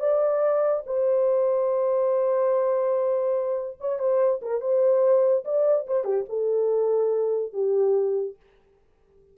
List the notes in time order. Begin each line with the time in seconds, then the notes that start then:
0.00 D5
0.86 C5
3.80 C#5
3.99 C5
4.42 A#4
4.61 C5
5.45 D5
5.87 C5
6.05 G4
6.29 A4
7.53 G4